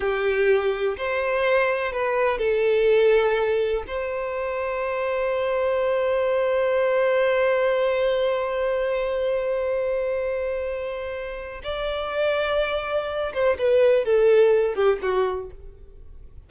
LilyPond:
\new Staff \with { instrumentName = "violin" } { \time 4/4 \tempo 4 = 124 g'2 c''2 | b'4 a'2. | c''1~ | c''1~ |
c''1~ | c''1 | d''2.~ d''8 c''8 | b'4 a'4. g'8 fis'4 | }